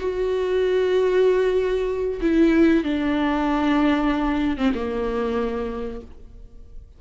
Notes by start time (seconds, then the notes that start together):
0.00 F#4
2.22 E4
2.84 D4
4.58 C4
4.75 A#3